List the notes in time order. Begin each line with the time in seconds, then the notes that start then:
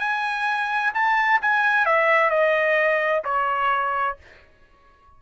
0.00 G#5
0.94 A5
1.42 G#5
1.86 E5
2.30 D#5
3.25 C#5